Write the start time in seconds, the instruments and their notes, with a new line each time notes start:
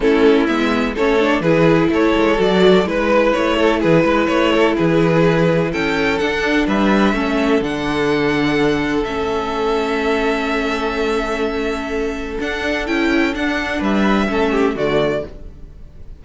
0.00 cello A3, viola C#4, violin E4 A4
0.47 cello G#3, viola B3, violin E5
0.94 cello A3, viola C#4, violin A4 C#5
1.19 viola D4
1.40 cello E3, viola E4, violin G#4 B4
1.88 cello A3, violin A4 C#5
2.15 cello G#3
2.37 cello F#3, viola F#4, violin D5
2.85 cello G#3, viola E4, violin B4
3.32 cello A3, violin C#5
3.56 violin A4
3.79 cello E3, violin G#4 B4
4.03 cello G#3, violin B4
4.26 cello A3, violin C#5
4.53 violin A4
4.76 cello E3, violin G#4 B4
5.71 cello C#4, violin A4 G5
6.18 cello D4, viola D4, violin F#5
6.67 cello G3, violin B4 E5
7.13 cello A3, viola C#4, violin A4
7.61 cello D3, viola D4, violin F#5
9.04 cello A3, viola C#4, violin E5
12.39 viola D4, cello D4, violin F#5
12.86 cello C#4, viola E4, violin G5
13.33 viola D4, cello D4, violin F#5
13.79 cello G3, violin B4 E5
14.28 cello A3, viola C#4, violin A4
14.51 violin G4
14.75 cello D3, viola A3, violin F#4 D5